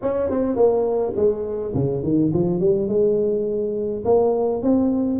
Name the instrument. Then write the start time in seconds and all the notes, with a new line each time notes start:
tuba
0.02 C#4
0.29 C4
0.56 A#3
1.16 G#3
1.74 C#3
2.03 D#3
2.33 F3
2.60 G3
2.88 G#3
4.05 A#3
4.62 C4